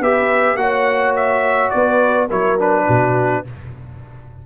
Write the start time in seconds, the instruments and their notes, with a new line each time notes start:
0.00 tuba B3, trombone G4, horn B4, trumpet E5
0.55 tuba A#3, trombone F#4, horn C#5, trumpet F#5
1.15 trumpet E5
1.70 tuba B3, horn B4, trumpet D5
2.26 tuba F#3, trombone E4, horn A#4, trumpet C#5
2.58 trombone D4, trumpet B4
2.86 tuba B2, horn F#4